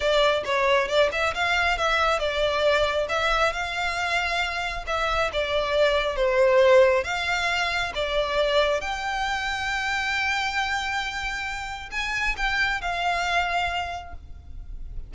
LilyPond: \new Staff \with { instrumentName = "violin" } { \time 4/4 \tempo 4 = 136 d''4 cis''4 d''8 e''8 f''4 | e''4 d''2 e''4 | f''2. e''4 | d''2 c''2 |
f''2 d''2 | g''1~ | g''2. gis''4 | g''4 f''2. | }